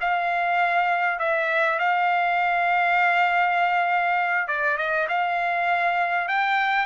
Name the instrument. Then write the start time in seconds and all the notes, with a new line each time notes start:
trumpet
0.00 F5
1.19 E5
1.79 F5
4.47 D5
4.77 D#5
5.08 F5
6.28 G5